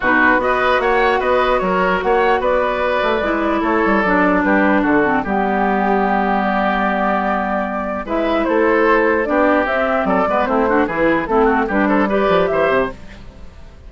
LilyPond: <<
  \new Staff \with { instrumentName = "flute" } { \time 4/4 \tempo 4 = 149 b'4 dis''4 fis''4 dis''4 | cis''4 fis''4 d''2~ | d''4 cis''4 d''4 b'4 | a'4 g'2. |
d''1 | e''4 c''2 d''4 | e''4 d''4 c''4 b'4 | a'4 b'8 c''8 d''4 e''4 | }
  \new Staff \with { instrumentName = "oboe" } { \time 4/4 fis'4 b'4 cis''4 b'4 | ais'4 cis''4 b'2~ | b'4 a'2 g'4 | fis'4 g'2.~ |
g'1 | b'4 a'2 g'4~ | g'4 a'8 b'8 e'8 fis'8 gis'4 | e'8 fis'8 g'8 a'8 b'4 c''4 | }
  \new Staff \with { instrumentName = "clarinet" } { \time 4/4 dis'4 fis'2.~ | fis'1 | e'2 d'2~ | d'8 c'8 b2.~ |
b1 | e'2. d'4 | c'4. b8 c'8 d'8 e'4 | c'4 d'4 g'2 | }
  \new Staff \with { instrumentName = "bassoon" } { \time 4/4 b,4 b4 ais4 b4 | fis4 ais4 b4. a8 | gis4 a8 g8 fis4 g4 | d4 g2.~ |
g1 | gis4 a2 b4 | c'4 fis8 gis8 a4 e4 | a4 g4. f8 e8 c8 | }
>>